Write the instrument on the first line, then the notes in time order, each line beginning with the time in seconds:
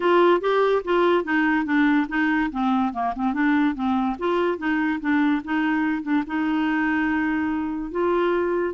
clarinet
0.00 F4
0.40 G4
0.84 F4
1.24 D#4
1.65 D4
2.08 D#4
2.51 C4
2.93 A#3
3.15 C4
3.33 D4
3.74 C4
4.18 F4
4.57 D#4
5.00 D4
5.44 D#4
6.02 D4
6.27 D#4
7.91 F4